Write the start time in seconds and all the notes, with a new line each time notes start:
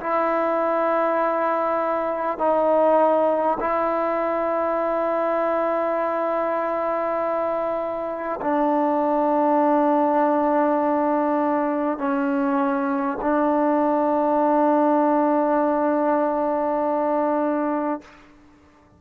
0.00 E4
2.38 D#4
3.60 E4
8.41 D4
11.98 C#4
13.21 D4